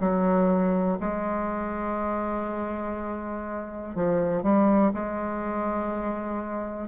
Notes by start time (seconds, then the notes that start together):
0.00 F#3
1.00 G#3
3.95 F3
4.43 G3
4.94 G#3